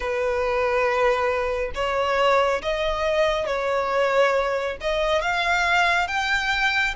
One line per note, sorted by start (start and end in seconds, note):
0.00 1.71 B4
1.74 2.61 C#5
2.62 3.46 D#5
3.46 4.77 C#5
4.80 5.21 D#5
5.21 6.07 F5
6.07 6.94 G5